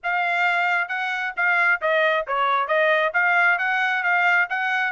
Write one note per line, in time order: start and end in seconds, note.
0.03 0.88 F5
0.88 1.33 F#5
1.36 1.81 F5
1.81 2.26 D#5
2.27 2.67 C#5
2.67 3.12 D#5
3.13 3.58 F5
3.58 4.03 F#5
4.03 4.47 F5
4.49 4.92 F#5